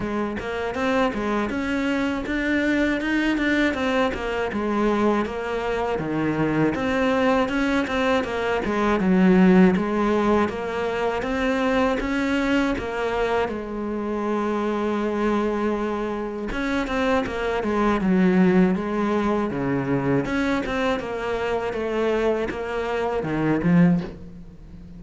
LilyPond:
\new Staff \with { instrumentName = "cello" } { \time 4/4 \tempo 4 = 80 gis8 ais8 c'8 gis8 cis'4 d'4 | dis'8 d'8 c'8 ais8 gis4 ais4 | dis4 c'4 cis'8 c'8 ais8 gis8 | fis4 gis4 ais4 c'4 |
cis'4 ais4 gis2~ | gis2 cis'8 c'8 ais8 gis8 | fis4 gis4 cis4 cis'8 c'8 | ais4 a4 ais4 dis8 f8 | }